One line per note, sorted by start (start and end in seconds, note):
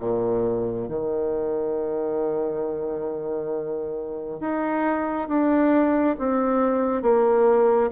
0.00 0.88 A#2
0.88 4.40 D#3
4.40 5.28 D#4
5.28 6.16 D4
6.18 7.02 C4
7.02 7.91 A#3